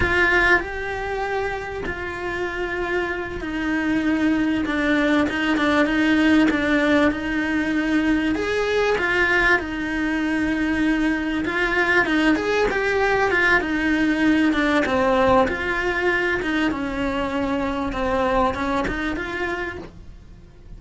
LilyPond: \new Staff \with { instrumentName = "cello" } { \time 4/4 \tempo 4 = 97 f'4 g'2 f'4~ | f'4. dis'2 d'8~ | d'8 dis'8 d'8 dis'4 d'4 dis'8~ | dis'4. gis'4 f'4 dis'8~ |
dis'2~ dis'8 f'4 dis'8 | gis'8 g'4 f'8 dis'4. d'8 | c'4 f'4. dis'8 cis'4~ | cis'4 c'4 cis'8 dis'8 f'4 | }